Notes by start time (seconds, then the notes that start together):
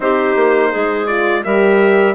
0.00 C4 D#4 G4 C5
0.35 A#3
0.70 G#3 G#4
1.06 F4 D5
1.44 G3 G4 A#4 E5